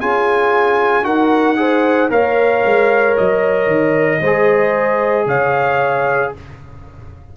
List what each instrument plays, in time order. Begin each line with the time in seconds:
0.00 tuba C#4, trombone F4, horn G#4, trumpet G#5
1.03 tuba D#4, trombone F#4, horn A#4, trumpet F#5
1.56 trombone G#4, horn C5
2.09 tuba A#3, trombone A#4, horn C#5, trumpet F5
2.64 tuba G#3
3.17 tuba F#3, trumpet D#5
3.66 tuba D#3
4.20 tuba G#3, trombone G#4, horn C5
5.26 tuba C#3, horn C#5, trumpet F5